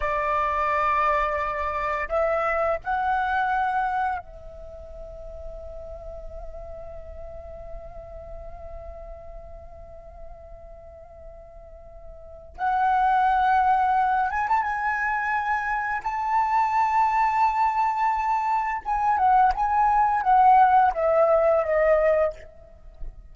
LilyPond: \new Staff \with { instrumentName = "flute" } { \time 4/4 \tempo 4 = 86 d''2. e''4 | fis''2 e''2~ | e''1~ | e''1~ |
e''2 fis''2~ | fis''8 gis''16 a''16 gis''2 a''4~ | a''2. gis''8 fis''8 | gis''4 fis''4 e''4 dis''4 | }